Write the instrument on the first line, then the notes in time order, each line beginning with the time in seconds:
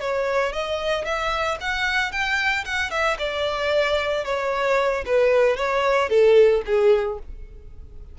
violin
0.00 C#5
0.52 D#5
1.05 E5
1.60 F#5
2.11 G5
2.65 F#5
2.90 E5
3.19 D5
4.24 C#5
5.06 B4
5.56 C#5
6.09 A4
6.65 G#4